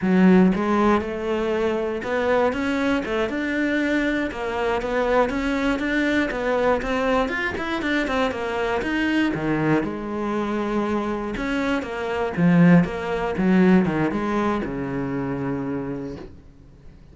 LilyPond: \new Staff \with { instrumentName = "cello" } { \time 4/4 \tempo 4 = 119 fis4 gis4 a2 | b4 cis'4 a8 d'4.~ | d'8 ais4 b4 cis'4 d'8~ | d'8 b4 c'4 f'8 e'8 d'8 |
c'8 ais4 dis'4 dis4 gis8~ | gis2~ gis8 cis'4 ais8~ | ais8 f4 ais4 fis4 dis8 | gis4 cis2. | }